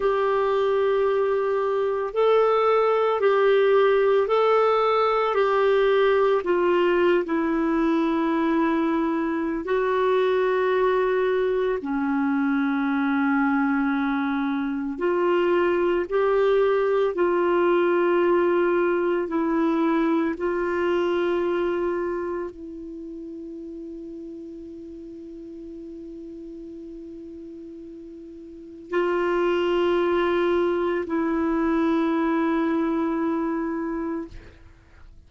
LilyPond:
\new Staff \with { instrumentName = "clarinet" } { \time 4/4 \tempo 4 = 56 g'2 a'4 g'4 | a'4 g'4 f'8. e'4~ e'16~ | e'4 fis'2 cis'4~ | cis'2 f'4 g'4 |
f'2 e'4 f'4~ | f'4 e'2.~ | e'2. f'4~ | f'4 e'2. | }